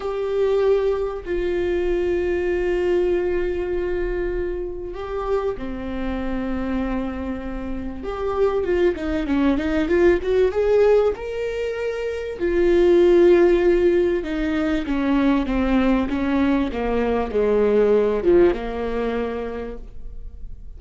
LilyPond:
\new Staff \with { instrumentName = "viola" } { \time 4/4 \tempo 4 = 97 g'2 f'2~ | f'1 | g'4 c'2.~ | c'4 g'4 f'8 dis'8 cis'8 dis'8 |
f'8 fis'8 gis'4 ais'2 | f'2. dis'4 | cis'4 c'4 cis'4 ais4 | gis4. f8 ais2 | }